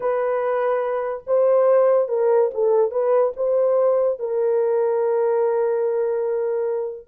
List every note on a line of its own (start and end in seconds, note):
0.00 1.23 B4
1.26 2.08 C5
2.08 2.50 A#4
2.54 2.91 A4
2.91 3.32 B4
3.36 4.19 C5
4.19 7.07 A#4